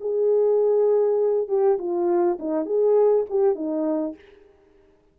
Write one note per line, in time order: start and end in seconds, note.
0.00 1.48 G#4
1.48 1.78 G4
1.78 2.38 F4
2.39 2.65 D#4
2.65 3.25 G#4
3.29 3.55 G4
3.55 4.15 D#4